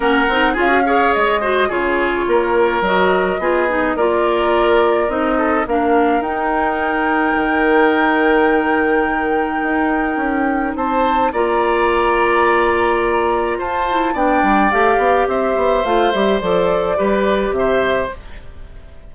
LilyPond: <<
  \new Staff \with { instrumentName = "flute" } { \time 4/4 \tempo 4 = 106 fis''4 f''4 dis''4 cis''4~ | cis''4 dis''2 d''4~ | d''4 dis''4 f''4 g''4~ | g''1~ |
g''2. a''4 | ais''1 | a''4 g''4 f''4 e''4 | f''8 e''8 d''2 e''4 | }
  \new Staff \with { instrumentName = "oboe" } { \time 4/4 ais'4 gis'8 cis''4 c''8 gis'4 | ais'2 gis'4 ais'4~ | ais'4. a'8 ais'2~ | ais'1~ |
ais'2. c''4 | d''1 | c''4 d''2 c''4~ | c''2 b'4 c''4 | }
  \new Staff \with { instrumentName = "clarinet" } { \time 4/4 cis'8 dis'8 f'16 fis'16 gis'4 fis'8 f'4~ | f'4 fis'4 f'8 dis'8 f'4~ | f'4 dis'4 d'4 dis'4~ | dis'1~ |
dis'1 | f'1~ | f'8 e'8 d'4 g'2 | f'8 g'8 a'4 g'2 | }
  \new Staff \with { instrumentName = "bassoon" } { \time 4/4 ais8 c'8 cis'4 gis4 cis4 | ais4 fis4 b4 ais4~ | ais4 c'4 ais4 dis'4~ | dis'4 dis2.~ |
dis4 dis'4 cis'4 c'4 | ais1 | f'4 b8 g8 a8 b8 c'8 b8 | a8 g8 f4 g4 c4 | }
>>